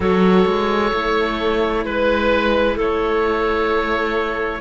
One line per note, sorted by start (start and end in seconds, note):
0.00 0.45 F#3
0.00 0.92 F#4
0.00 1.84 A4
0.00 1.85 C#5
0.46 0.92 G#3
0.92 1.85 A3
0.92 4.61 E4
1.85 2.76 G#3
1.85 2.77 B4
1.85 2.75 B4
2.75 4.61 A3
2.75 4.60 A4
2.75 4.61 C#5